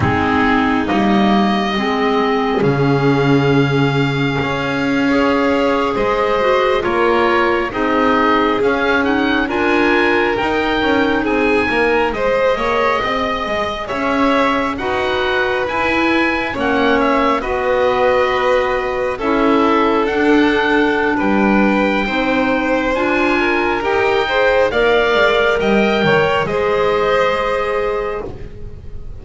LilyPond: <<
  \new Staff \with { instrumentName = "oboe" } { \time 4/4 \tempo 4 = 68 gis'4 dis''2 f''4~ | f''2~ f''8. dis''4 cis''16~ | cis''8. dis''4 f''8 fis''8 gis''4 g''16~ | g''8. gis''4 dis''2 e''16~ |
e''8. fis''4 gis''4 fis''8 e''8 dis''16~ | dis''4.~ dis''16 e''4 fis''4~ fis''16 | g''2 gis''4 g''4 | f''4 g''4 dis''2 | }
  \new Staff \with { instrumentName = "violin" } { \time 4/4 dis'2 gis'2~ | gis'4.~ gis'16 cis''4 c''4 ais'16~ | ais'8. gis'2 ais'4~ ais'16~ | ais'8. gis'8 ais'8 c''8 cis''8 dis''4 cis''16~ |
cis''8. b'2 cis''4 b'16~ | b'4.~ b'16 a'2~ a'16 | b'4 c''4. ais'4 c''8 | d''4 dis''8 cis''8 c''2 | }
  \new Staff \with { instrumentName = "clarinet" } { \time 4/4 c'4 ais4 c'4 cis'4~ | cis'4.~ cis'16 gis'4. fis'8 f'16~ | f'8. dis'4 cis'8 dis'8 f'4 dis'16~ | dis'4.~ dis'16 gis'2~ gis'16~ |
gis'8. fis'4 e'4 cis'4 fis'16~ | fis'4.~ fis'16 e'4 d'4~ d'16~ | d'4 dis'4 f'4 g'8 gis'8 | ais'2 gis'2 | }
  \new Staff \with { instrumentName = "double bass" } { \time 4/4 gis4 g4 gis4 cis4~ | cis4 cis'4.~ cis'16 gis4 ais16~ | ais8. c'4 cis'4 d'4 dis'16~ | dis'16 cis'8 c'8 ais8 gis8 ais8 c'8 gis8 cis'16~ |
cis'8. dis'4 e'4 ais4 b16~ | b4.~ b16 cis'4 d'4~ d'16 | g4 c'4 d'4 dis'4 | ais8 gis8 g8 dis8 gis2 | }
>>